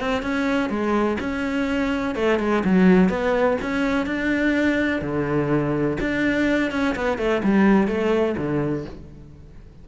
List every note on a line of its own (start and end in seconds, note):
0.00 0.22 C4
0.22 0.69 C#4
0.69 1.17 G#3
1.20 2.15 C#4
2.15 2.39 A3
2.39 2.63 G#3
2.64 3.09 F#3
3.09 3.57 B3
3.62 4.06 C#4
4.06 5.01 D4
5.01 5.97 D3
6.00 6.71 D4
6.71 6.95 C#4
6.95 7.18 B3
7.18 7.42 A3
7.43 7.88 G3
7.88 8.36 A3
8.37 8.85 D3